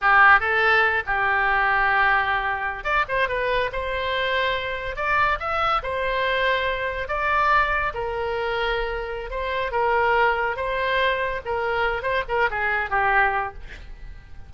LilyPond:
\new Staff \with { instrumentName = "oboe" } { \time 4/4 \tempo 4 = 142 g'4 a'4. g'4.~ | g'2~ g'8. d''8 c''8 b'16~ | b'8. c''2. d''16~ | d''8. e''4 c''2~ c''16~ |
c''8. d''2 ais'4~ ais'16~ | ais'2 c''4 ais'4~ | ais'4 c''2 ais'4~ | ais'8 c''8 ais'8 gis'4 g'4. | }